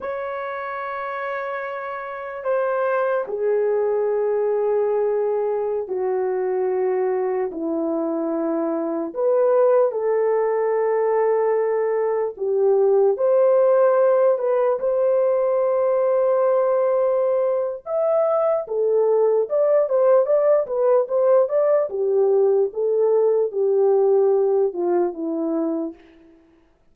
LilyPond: \new Staff \with { instrumentName = "horn" } { \time 4/4 \tempo 4 = 74 cis''2. c''4 | gis'2.~ gis'16 fis'8.~ | fis'4~ fis'16 e'2 b'8.~ | b'16 a'2. g'8.~ |
g'16 c''4. b'8 c''4.~ c''16~ | c''2 e''4 a'4 | d''8 c''8 d''8 b'8 c''8 d''8 g'4 | a'4 g'4. f'8 e'4 | }